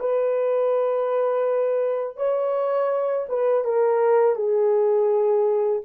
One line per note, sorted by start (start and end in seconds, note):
0.00 2.17 B4
2.17 3.27 C#5
3.29 3.65 B4
3.65 4.36 A#4
4.36 5.82 G#4